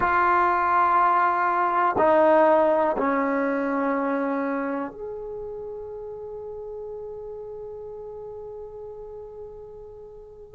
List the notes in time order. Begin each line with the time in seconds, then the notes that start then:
0.00 F4
1.98 D#4
2.97 C#4
4.91 G#4